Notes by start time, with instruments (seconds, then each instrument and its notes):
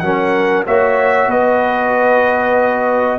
0.00 tuba F#3, trombone C#4, horn A#4, trumpet F#5
0.67 tuba A#3, trombone F#4, horn C#5, trumpet E5
1.27 tuba B3, horn B4, trumpet D#5